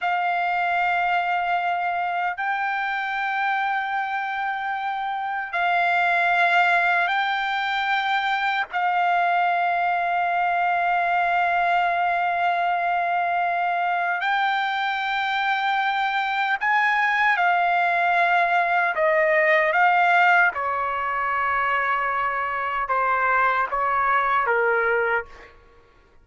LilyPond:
\new Staff \with { instrumentName = "trumpet" } { \time 4/4 \tempo 4 = 76 f''2. g''4~ | g''2. f''4~ | f''4 g''2 f''4~ | f''1~ |
f''2 g''2~ | g''4 gis''4 f''2 | dis''4 f''4 cis''2~ | cis''4 c''4 cis''4 ais'4 | }